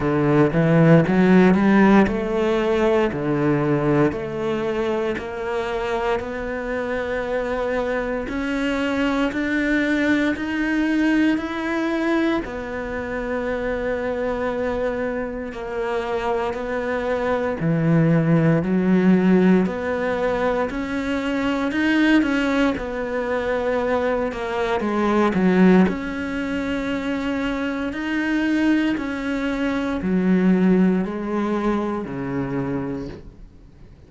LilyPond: \new Staff \with { instrumentName = "cello" } { \time 4/4 \tempo 4 = 58 d8 e8 fis8 g8 a4 d4 | a4 ais4 b2 | cis'4 d'4 dis'4 e'4 | b2. ais4 |
b4 e4 fis4 b4 | cis'4 dis'8 cis'8 b4. ais8 | gis8 fis8 cis'2 dis'4 | cis'4 fis4 gis4 cis4 | }